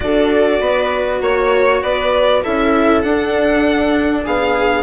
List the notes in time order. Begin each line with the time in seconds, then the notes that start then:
0.00 D4 F#4 A4 D5
0.60 B3 B4
1.21 A#3 C#5
1.82 B3 B4 D5
2.42 C#4 E4 A4 E5
3.02 D4 F#5
4.24 B3 G#4 F5